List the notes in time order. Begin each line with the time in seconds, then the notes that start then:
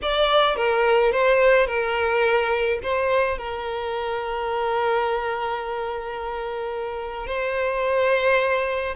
0.02 D5
0.56 A#4
1.11 C5
1.66 A#4
2.82 C5
3.38 A#4
7.26 C5